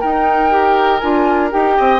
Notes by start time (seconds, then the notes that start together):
0.00 D#4 A#4 G5
0.50 G4
0.99 D4 F4 G#5
1.51 D#4 G4 G5
1.77 C4 D#5